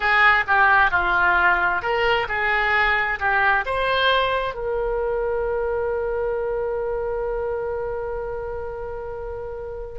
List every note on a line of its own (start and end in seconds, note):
0.00 0.44 G#4
0.47 0.90 G4
0.90 1.81 F4
1.81 2.27 A#4
2.28 3.19 G#4
3.19 3.64 G4
3.65 4.54 C5
4.54 9.99 A#4